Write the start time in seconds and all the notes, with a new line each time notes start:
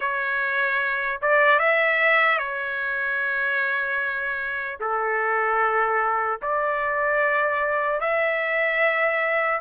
0.00 C#5
1.21 D5
1.59 E5
2.38 C#5
4.80 A4
6.41 D5
8.00 E5